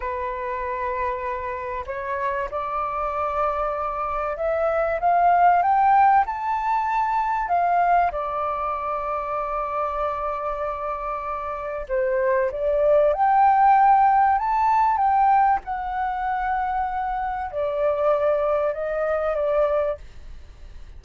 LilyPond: \new Staff \with { instrumentName = "flute" } { \time 4/4 \tempo 4 = 96 b'2. cis''4 | d''2. e''4 | f''4 g''4 a''2 | f''4 d''2.~ |
d''2. c''4 | d''4 g''2 a''4 | g''4 fis''2. | d''2 dis''4 d''4 | }